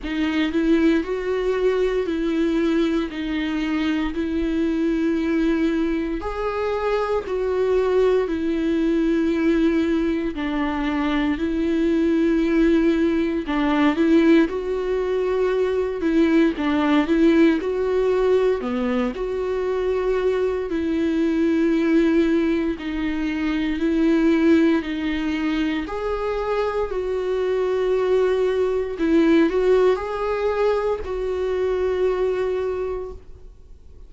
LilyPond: \new Staff \with { instrumentName = "viola" } { \time 4/4 \tempo 4 = 58 dis'8 e'8 fis'4 e'4 dis'4 | e'2 gis'4 fis'4 | e'2 d'4 e'4~ | e'4 d'8 e'8 fis'4. e'8 |
d'8 e'8 fis'4 b8 fis'4. | e'2 dis'4 e'4 | dis'4 gis'4 fis'2 | e'8 fis'8 gis'4 fis'2 | }